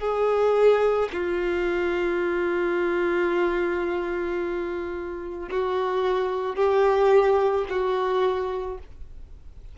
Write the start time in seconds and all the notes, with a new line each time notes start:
0.00 G#4
1.13 F4
5.51 F#4
6.56 G4
7.70 F#4